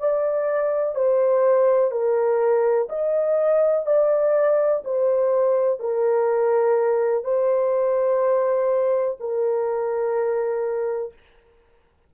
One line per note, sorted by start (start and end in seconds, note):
0.00 0.95 D5
0.95 1.91 C5
1.91 2.88 A#4
2.89 3.86 D#5
3.86 4.83 D5
4.84 5.80 C5
5.80 7.24 A#4
7.24 9.18 C5
9.20 11.13 A#4